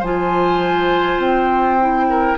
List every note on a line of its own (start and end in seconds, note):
0.00 1.18 F3
0.00 1.80 F4
0.00 2.06 C5
0.00 1.21 G#5
1.18 2.36 C4
1.18 2.37 G5
1.80 2.37 E4
2.10 2.37 A#4